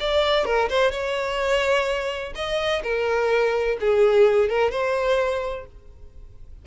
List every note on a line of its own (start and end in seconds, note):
0.00 0.45 D5
0.45 0.69 A#4
0.69 0.91 C5
0.91 2.33 C#5
2.35 2.82 D#5
2.83 3.78 A#4
3.80 4.49 G#4
4.49 4.71 A#4
4.71 5.65 C5